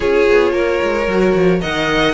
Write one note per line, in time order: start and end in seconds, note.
0.00 0.28 C#4
0.00 1.06 F4
0.00 0.52 G#4
0.00 1.62 C#5
0.29 0.52 B3
0.52 0.79 A#3
0.52 1.60 A#4
0.82 1.07 G#3
1.07 1.34 F#3
1.07 1.60 F#4
1.34 1.61 F3
1.60 2.14 D#3
1.60 2.14 A#4
1.60 2.14 D#5
1.60 2.14 F#5